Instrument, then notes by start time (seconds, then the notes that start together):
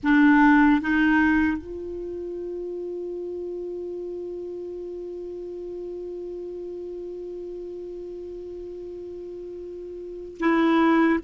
clarinet
0.03 D4
0.81 D#4
1.57 F4
10.39 E4